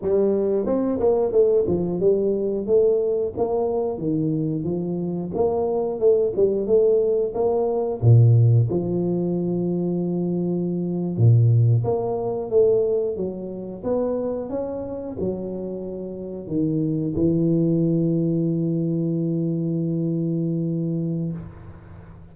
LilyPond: \new Staff \with { instrumentName = "tuba" } { \time 4/4 \tempo 4 = 90 g4 c'8 ais8 a8 f8 g4 | a4 ais4 dis4 f4 | ais4 a8 g8 a4 ais4 | ais,4 f2.~ |
f8. ais,4 ais4 a4 fis16~ | fis8. b4 cis'4 fis4~ fis16~ | fis8. dis4 e2~ e16~ | e1 | }